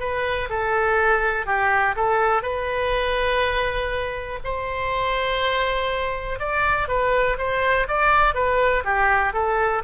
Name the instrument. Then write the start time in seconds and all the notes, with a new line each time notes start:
oboe
0.00 B4
0.50 A4
1.47 G4
1.96 A4
2.43 B4
4.44 C5
6.40 D5
6.89 B4
7.38 C5
7.89 D5
8.35 B4
8.85 G4
9.34 A4